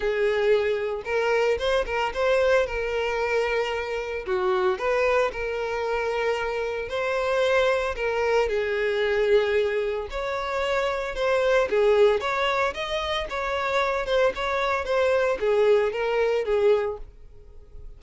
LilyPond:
\new Staff \with { instrumentName = "violin" } { \time 4/4 \tempo 4 = 113 gis'2 ais'4 c''8 ais'8 | c''4 ais'2. | fis'4 b'4 ais'2~ | ais'4 c''2 ais'4 |
gis'2. cis''4~ | cis''4 c''4 gis'4 cis''4 | dis''4 cis''4. c''8 cis''4 | c''4 gis'4 ais'4 gis'4 | }